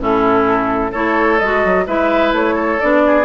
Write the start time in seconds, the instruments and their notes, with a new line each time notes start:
0.00 bassoon A2, clarinet C#4, oboe E4, flute A4
0.92 bassoon A3, clarinet E4, oboe A4, flute C#5
1.39 bassoon G#3, clarinet F#4, flute D#5
1.65 bassoon F#3
1.87 bassoon G#3, clarinet E4, oboe B4, flute E5
2.33 bassoon A3, flute C#5
2.55 oboe A4
2.80 bassoon B3, clarinet D4, flute D5
3.07 oboe G#4